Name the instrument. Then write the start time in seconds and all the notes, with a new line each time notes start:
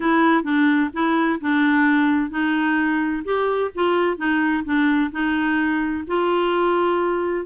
clarinet
0.00 E4
0.43 D4
0.93 E4
1.40 D4
2.30 D#4
3.24 G4
3.74 F4
4.17 D#4
4.64 D4
5.11 D#4
6.07 F4